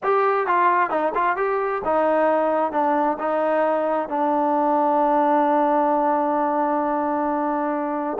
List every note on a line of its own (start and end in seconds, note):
0.03 0.46 G4
0.46 0.90 F4
0.90 1.12 D#4
1.14 1.36 F4
1.36 1.81 G4
1.84 2.72 D#4
2.72 3.17 D4
3.18 4.08 D#4
4.08 8.18 D4